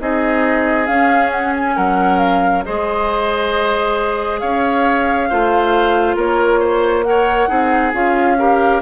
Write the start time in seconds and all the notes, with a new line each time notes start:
0.00 C4 D#4 G#4 D#5
0.86 C#4 F5
1.31 F#5
1.55 G#5
1.76 F#3 A#4 F#5
2.19 F5
2.65 G#3 G#4 C5 D#5
4.39 C#4 C#5 F5
5.29 A3 F4 C5
6.16 A#3 A#4 C#5
6.60 C5
7.03 A#4 C#5 F#5
7.48 C4 D#4 G#4
7.92 C#4 F4 F5
8.38 G4 A#4